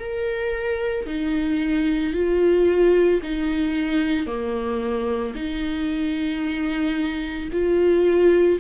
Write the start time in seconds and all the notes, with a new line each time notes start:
0.00 A#4
1.07 D#4
2.14 F4
3.23 D#4
4.27 A#3
5.35 D#4
7.52 F4